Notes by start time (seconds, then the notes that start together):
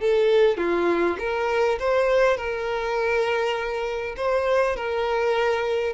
0.00 A4
0.58 F4
1.19 A#4
1.80 C5
2.37 A#4
4.17 C5
4.76 A#4